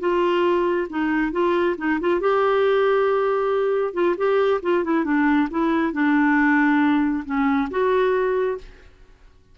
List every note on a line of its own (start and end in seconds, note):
0.00 0.88 F4
0.90 1.32 D#4
1.32 1.76 F4
1.78 2.00 D#4
2.00 2.21 F4
2.21 3.94 G4
3.94 4.16 F4
4.17 4.61 G4
4.62 4.84 F4
4.84 5.05 E4
5.05 5.48 D4
5.51 5.93 E4
5.93 7.24 D4
7.25 7.69 C#4
7.71 8.58 F#4